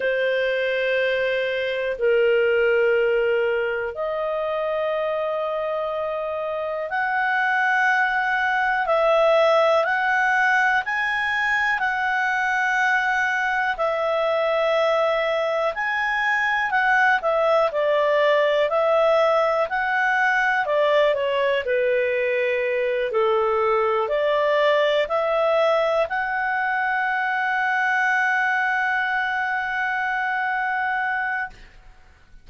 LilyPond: \new Staff \with { instrumentName = "clarinet" } { \time 4/4 \tempo 4 = 61 c''2 ais'2 | dis''2. fis''4~ | fis''4 e''4 fis''4 gis''4 | fis''2 e''2 |
gis''4 fis''8 e''8 d''4 e''4 | fis''4 d''8 cis''8 b'4. a'8~ | a'8 d''4 e''4 fis''4.~ | fis''1 | }